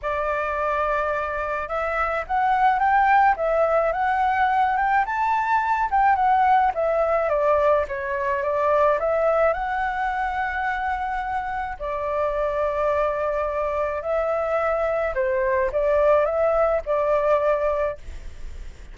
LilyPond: \new Staff \with { instrumentName = "flute" } { \time 4/4 \tempo 4 = 107 d''2. e''4 | fis''4 g''4 e''4 fis''4~ | fis''8 g''8 a''4. g''8 fis''4 | e''4 d''4 cis''4 d''4 |
e''4 fis''2.~ | fis''4 d''2.~ | d''4 e''2 c''4 | d''4 e''4 d''2 | }